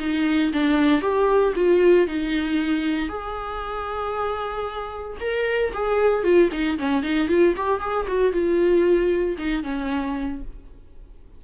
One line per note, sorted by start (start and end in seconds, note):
0.00 0.52 D#4
0.53 1.02 D4
1.02 1.54 G4
1.56 2.08 F4
2.08 3.09 D#4
3.09 5.18 G#4
5.21 5.73 A#4
5.74 6.24 G#4
6.24 6.50 F4
6.52 6.78 D#4
6.79 7.03 C#4
7.03 7.29 D#4
7.29 7.55 F4
7.57 7.81 G4
7.81 8.07 G#4
8.08 8.33 F#4
8.33 9.37 F4
9.38 9.64 D#4
9.64 10.42 C#4